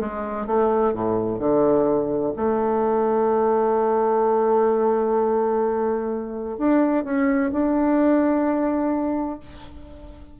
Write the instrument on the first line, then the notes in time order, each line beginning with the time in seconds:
bassoon
0.00 G#3
0.47 A3
0.94 A2
1.39 D3
2.36 A3
6.58 D4
7.04 C#4
7.52 D4